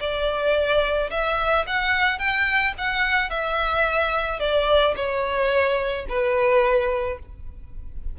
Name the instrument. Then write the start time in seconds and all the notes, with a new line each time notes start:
violin
0.00 D5
1.10 E5
1.67 F#5
2.19 G5
2.78 F#5
3.30 E5
4.40 D5
4.96 C#5
6.09 B4